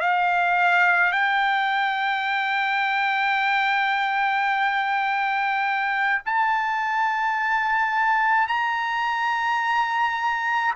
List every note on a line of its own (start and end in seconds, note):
0.00 1.12 F5
1.12 6.21 G5
6.25 8.47 A5
8.47 10.73 A#5